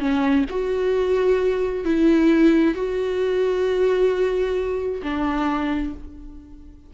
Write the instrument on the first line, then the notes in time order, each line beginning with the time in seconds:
viola
0.00 C#4
0.50 F#4
1.85 E4
2.75 F#4
5.03 D4